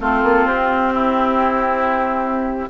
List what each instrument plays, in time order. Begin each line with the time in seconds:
0.00 bassoon A3, clarinet C4, oboe F4, flute A4
0.24 bassoon A#3
0.45 bassoon C4, flute G4
0.93 oboe E4